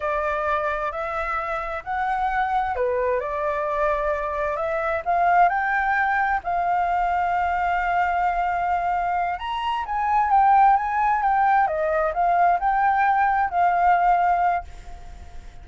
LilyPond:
\new Staff \with { instrumentName = "flute" } { \time 4/4 \tempo 4 = 131 d''2 e''2 | fis''2 b'4 d''4~ | d''2 e''4 f''4 | g''2 f''2~ |
f''1~ | f''8 ais''4 gis''4 g''4 gis''8~ | gis''8 g''4 dis''4 f''4 g''8~ | g''4. f''2~ f''8 | }